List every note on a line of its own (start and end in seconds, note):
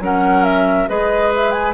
0.00 0.87 F#3
0.00 0.89 C#4
0.00 0.89 A#4
0.00 0.45 F#5
0.45 0.88 E5
0.89 1.75 G#3
0.89 1.75 G#4
0.89 1.75 B4
0.89 1.32 D#5
1.36 1.52 E5
1.52 1.74 G#5